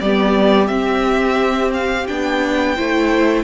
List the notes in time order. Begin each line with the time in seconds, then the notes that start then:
0.00 G3 B3 G4 D5
0.67 C4 E5
1.73 F5
2.07 B3 D4 G5
2.75 A3 E4 C5